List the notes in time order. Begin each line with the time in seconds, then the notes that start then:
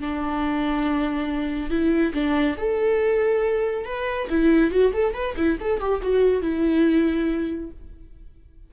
0.00 D4
1.69 E4
2.13 D4
2.57 A4
3.85 B4
4.29 E4
4.70 F#4
4.93 A4
5.13 B4
5.36 E4
5.60 A4
5.80 G4
6.02 F#4
6.41 E4